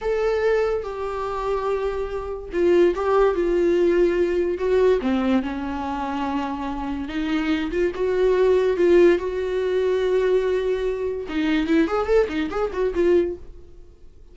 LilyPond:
\new Staff \with { instrumentName = "viola" } { \time 4/4 \tempo 4 = 144 a'2 g'2~ | g'2 f'4 g'4 | f'2. fis'4 | c'4 cis'2.~ |
cis'4 dis'4. f'8 fis'4~ | fis'4 f'4 fis'2~ | fis'2. dis'4 | e'8 gis'8 a'8 dis'8 gis'8 fis'8 f'4 | }